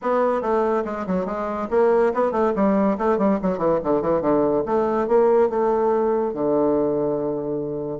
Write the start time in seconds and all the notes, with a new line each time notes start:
0.02 B3
0.41 A3
0.84 G#3
1.06 F#3
1.25 G#3
1.70 A#3
2.14 B3
2.31 A3
2.55 G3
2.98 A3
3.18 G3
3.41 F#3
3.58 E3
3.83 D3
4.01 E3
4.21 D3
4.65 A3
5.07 A#3
5.49 A3
6.33 D3